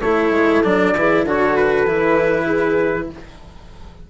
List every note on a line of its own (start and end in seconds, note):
0.00 0.30 A3
0.00 0.64 E4
0.00 0.95 A4
0.00 0.62 C#5
0.30 0.61 G#3
0.64 0.94 F#3
0.64 0.95 D4
0.64 1.25 D5
0.94 1.24 E3
0.94 1.26 E4
0.94 1.24 G#4
1.24 1.85 D3
1.24 1.87 F#4
1.24 2.45 A4
1.24 1.56 C#5
1.56 3.09 B4
1.86 3.08 E3
1.86 3.09 E4
2.45 3.07 G#4